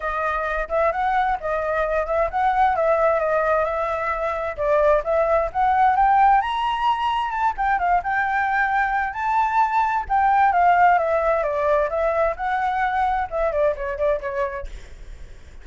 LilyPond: \new Staff \with { instrumentName = "flute" } { \time 4/4 \tempo 4 = 131 dis''4. e''8 fis''4 dis''4~ | dis''8 e''8 fis''4 e''4 dis''4 | e''2 d''4 e''4 | fis''4 g''4 ais''2 |
a''8 g''8 f''8 g''2~ g''8 | a''2 g''4 f''4 | e''4 d''4 e''4 fis''4~ | fis''4 e''8 d''8 cis''8 d''8 cis''4 | }